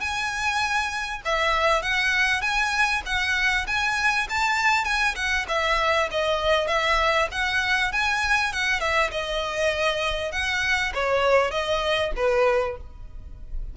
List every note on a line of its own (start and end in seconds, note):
0.00 1.21 G#5
1.25 1.82 E5
1.82 2.41 F#5
2.41 3.02 G#5
3.05 3.66 F#5
3.67 4.27 G#5
4.29 4.84 A5
4.84 5.15 G#5
5.15 5.45 F#5
5.48 6.09 E5
6.11 6.67 D#5
6.67 7.28 E5
7.31 7.92 F#5
7.92 8.52 G#5
8.52 8.80 F#5
8.80 9.10 E5
9.11 10.32 D#5
10.32 10.92 F#5
10.94 11.51 C#5
11.51 12.11 D#5
12.16 12.77 B4